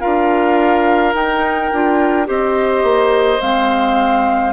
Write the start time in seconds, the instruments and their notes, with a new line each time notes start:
0.00 bassoon D4, clarinet F4, oboe A#4, flute F5
1.13 clarinet D#4, bassoon D#4, flute G5
1.73 bassoon D4, clarinet F4
2.25 bassoon C4, clarinet G4, oboe C5, flute D#5
2.83 bassoon A#3
3.40 bassoon G#3, clarinet C4, flute F5